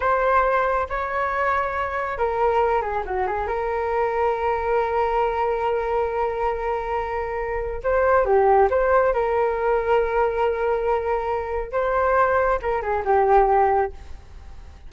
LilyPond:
\new Staff \with { instrumentName = "flute" } { \time 4/4 \tempo 4 = 138 c''2 cis''2~ | cis''4 ais'4. gis'8 fis'8 gis'8 | ais'1~ | ais'1~ |
ais'2 c''4 g'4 | c''4 ais'2.~ | ais'2. c''4~ | c''4 ais'8 gis'8 g'2 | }